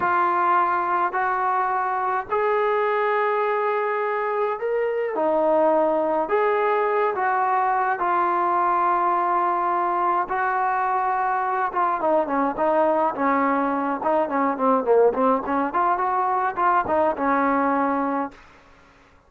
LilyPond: \new Staff \with { instrumentName = "trombone" } { \time 4/4 \tempo 4 = 105 f'2 fis'2 | gis'1 | ais'4 dis'2 gis'4~ | gis'8 fis'4. f'2~ |
f'2 fis'2~ | fis'8 f'8 dis'8 cis'8 dis'4 cis'4~ | cis'8 dis'8 cis'8 c'8 ais8 c'8 cis'8 f'8 | fis'4 f'8 dis'8 cis'2 | }